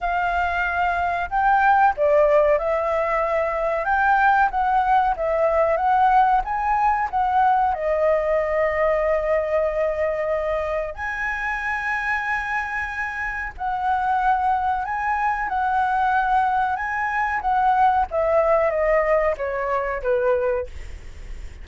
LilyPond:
\new Staff \with { instrumentName = "flute" } { \time 4/4 \tempo 4 = 93 f''2 g''4 d''4 | e''2 g''4 fis''4 | e''4 fis''4 gis''4 fis''4 | dis''1~ |
dis''4 gis''2.~ | gis''4 fis''2 gis''4 | fis''2 gis''4 fis''4 | e''4 dis''4 cis''4 b'4 | }